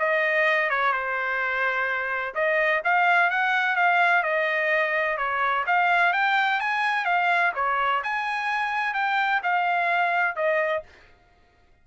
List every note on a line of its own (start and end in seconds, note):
0.00 0.70 D#5
0.70 0.93 C#5
0.93 2.35 C5
2.35 2.83 D#5
2.85 3.31 F5
3.31 3.76 F#5
3.76 4.24 F5
4.24 5.18 D#5
5.18 5.65 C#5
5.67 6.14 F5
6.14 6.61 G5
6.61 7.05 G#5
7.05 7.53 F5
7.56 8.03 C#5
8.04 8.94 G#5
8.94 9.42 G5
9.44 10.36 F5
10.36 10.83 D#5